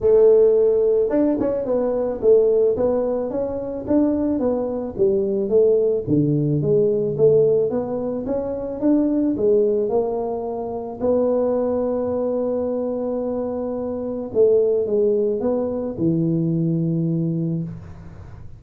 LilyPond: \new Staff \with { instrumentName = "tuba" } { \time 4/4 \tempo 4 = 109 a2 d'8 cis'8 b4 | a4 b4 cis'4 d'4 | b4 g4 a4 d4 | gis4 a4 b4 cis'4 |
d'4 gis4 ais2 | b1~ | b2 a4 gis4 | b4 e2. | }